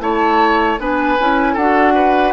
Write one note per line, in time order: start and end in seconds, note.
0.00 0.78 A3
0.00 0.78 E4
0.00 0.80 C#5
0.00 0.79 A5
0.79 1.18 B3
0.79 1.18 D4
0.79 1.54 B4
0.79 1.57 G#5
1.20 1.56 C#4
1.20 1.59 E4
1.54 2.33 D4
1.54 2.33 F#4
1.54 1.93 A4
1.54 2.33 F#5
1.95 2.33 B4